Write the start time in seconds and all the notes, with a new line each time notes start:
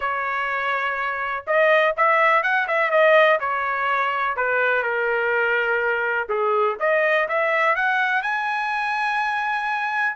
0.00 C#5
1.46 D#5
1.96 E5
2.42 F#5
2.67 E5
2.90 D#5
3.40 C#5
4.36 B4
4.82 A#4
6.28 G#4
6.79 D#5
7.28 E5
7.75 F#5
8.22 G#5